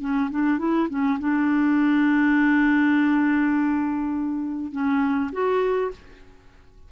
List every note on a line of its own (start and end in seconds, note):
0.00 0.29 C#4
0.30 0.58 D4
0.58 0.88 E4
0.89 1.18 C#4
1.19 4.71 D4
4.71 5.30 C#4
5.32 5.90 F#4